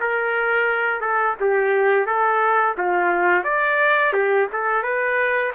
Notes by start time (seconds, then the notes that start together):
0.00 A#4
1.00 A4
1.40 G4
2.06 A4
2.78 F4
3.44 D5
4.13 G4
4.53 A4
4.83 B4